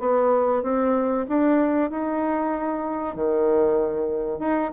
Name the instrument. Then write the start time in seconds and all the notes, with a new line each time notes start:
bassoon
0.00 B3
0.63 C4
1.29 D4
1.91 D#4
3.16 D#3
4.40 D#4